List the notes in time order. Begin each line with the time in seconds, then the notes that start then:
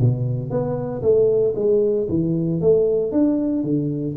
0.00 B2
0.50 B3
1.02 A3
1.56 G#3
2.09 E3
2.61 A3
3.12 D4
3.63 D3